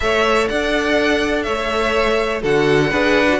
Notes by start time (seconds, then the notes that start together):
0.00 A3 A4 C#5 E5
0.48 D4 D5 F#5
1.43 A3 C#5 E5
2.42 D3 F#4 A4 F#5
2.90 D4 G#4 B4
3.29 F#4